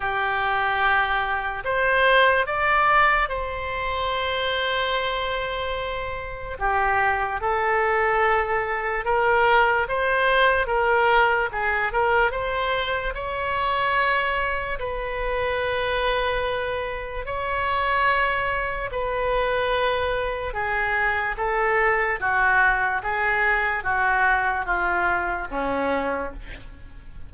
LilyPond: \new Staff \with { instrumentName = "oboe" } { \time 4/4 \tempo 4 = 73 g'2 c''4 d''4 | c''1 | g'4 a'2 ais'4 | c''4 ais'4 gis'8 ais'8 c''4 |
cis''2 b'2~ | b'4 cis''2 b'4~ | b'4 gis'4 a'4 fis'4 | gis'4 fis'4 f'4 cis'4 | }